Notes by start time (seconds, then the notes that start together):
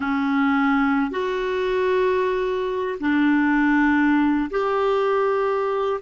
0.00 C#4
1.10 F#4
3.00 D4
4.50 G4